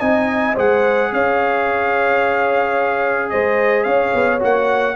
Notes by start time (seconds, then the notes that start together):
0.00 C4 D#4 D#5 G#5
0.55 G#3 G#4 C5 F#5
1.13 C#4 C#5 F5
3.31 G#3 C5 D#5
3.84 C#4 C#5 F5
4.15 B3
4.40 A#3 F#4 F#5